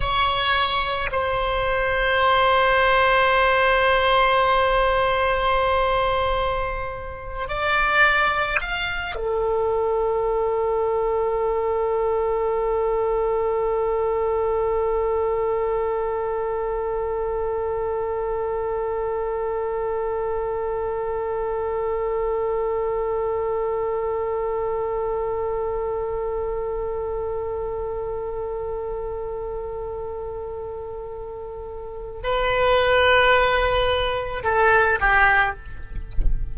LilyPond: \new Staff \with { instrumentName = "oboe" } { \time 4/4 \tempo 4 = 54 cis''4 c''2.~ | c''2~ c''8. d''4 f''16~ | f''16 a'2.~ a'8.~ | a'1~ |
a'1~ | a'1~ | a'1~ | a'4 b'2 a'8 g'8 | }